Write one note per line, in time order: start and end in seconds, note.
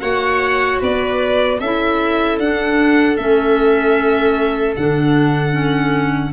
0.00 0.81 A#3
0.00 1.59 F#4
0.00 0.80 C#5
0.00 0.79 F#5
0.80 1.60 B3
0.80 1.59 B4
0.80 1.60 D5
1.60 2.39 C#4
1.60 2.42 E4
1.60 6.33 A4
1.60 2.39 E5
2.39 3.18 D4
2.39 3.17 F#5
3.17 4.76 A3
3.17 4.76 C#4
3.17 4.75 E5
4.76 6.33 D3
4.76 5.52 D4
4.76 6.33 F#5
5.52 6.31 C#4